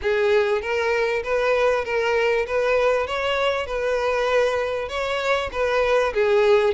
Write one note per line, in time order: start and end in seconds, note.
0.02 0.61 G#4
0.61 1.22 A#4
1.23 1.85 B4
1.85 2.46 A#4
2.46 3.06 B4
3.06 3.66 C#5
3.66 4.88 B4
4.88 5.50 C#5
5.52 6.13 B4
6.13 6.74 G#4